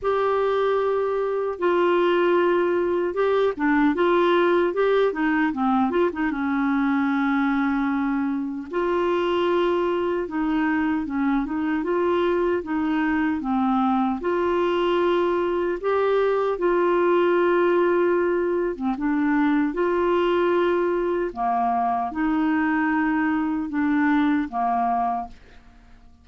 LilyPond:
\new Staff \with { instrumentName = "clarinet" } { \time 4/4 \tempo 4 = 76 g'2 f'2 | g'8 d'8 f'4 g'8 dis'8 c'8 f'16 dis'16 | cis'2. f'4~ | f'4 dis'4 cis'8 dis'8 f'4 |
dis'4 c'4 f'2 | g'4 f'2~ f'8. c'16 | d'4 f'2 ais4 | dis'2 d'4 ais4 | }